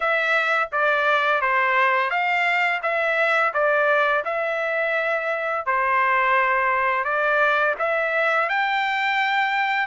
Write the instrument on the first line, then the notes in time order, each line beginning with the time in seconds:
trumpet
0.00 E5
0.72 D5
1.41 C5
2.10 F5
2.82 E5
3.53 D5
4.24 E5
5.65 C5
7.04 D5
7.78 E5
8.49 G5